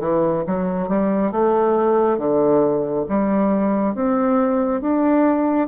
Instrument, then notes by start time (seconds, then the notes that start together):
bassoon
0.00 E3
0.47 F#3
0.89 G3
1.32 A3
2.18 D3
3.09 G3
3.94 C4
4.81 D4